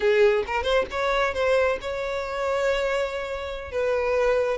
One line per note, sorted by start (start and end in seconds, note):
0.00 0.44 G#4
0.46 0.63 A#4
0.63 0.85 C5
0.91 1.34 C#5
1.34 1.78 C5
1.81 3.71 C#5
3.71 4.57 B4